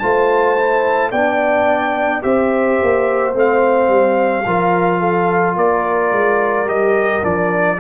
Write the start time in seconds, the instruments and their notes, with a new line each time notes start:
0.00 tuba A3, trombone F4, horn C5, trumpet A5
0.58 trombone E4
1.12 tuba B3, trombone D4, horn D5, trumpet G5
2.22 tuba C4, trombone G4, horn C5, trumpet E5
2.83 tuba A#3
3.33 tuba A3, trombone C4
3.39 trumpet F5
3.89 tuba G3
4.47 tuba F3, trombone F4, horn A#4
5.00 horn A4
5.57 tuba A#3, horn A#4, trumpet D5
6.12 tuba G#3
6.66 tuba G3, trombone G4, trumpet D#5
7.23 tuba F3, trombone D4, trumpet D5